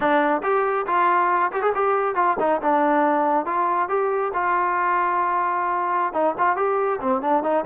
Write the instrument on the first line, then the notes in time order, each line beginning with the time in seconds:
trombone
0.00 D4
0.42 G4
0.86 F4
1.52 G4
1.62 G#4
1.74 G4
2.15 F4
2.39 D#4
2.62 D4
3.45 F4
3.88 G4
4.33 F4
6.13 D#4
6.37 F4
6.56 G4
7.00 C4
7.21 D4
7.43 D#4